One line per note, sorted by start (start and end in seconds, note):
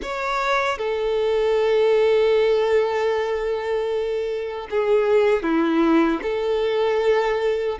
0.02 0.78 C#5
0.78 4.67 A4
4.70 5.42 G#4
5.42 6.20 E4
6.22 7.78 A4